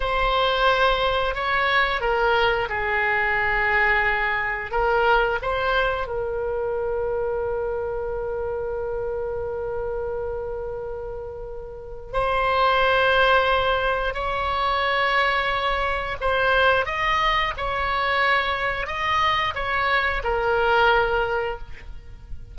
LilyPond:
\new Staff \with { instrumentName = "oboe" } { \time 4/4 \tempo 4 = 89 c''2 cis''4 ais'4 | gis'2. ais'4 | c''4 ais'2.~ | ais'1~ |
ais'2 c''2~ | c''4 cis''2. | c''4 dis''4 cis''2 | dis''4 cis''4 ais'2 | }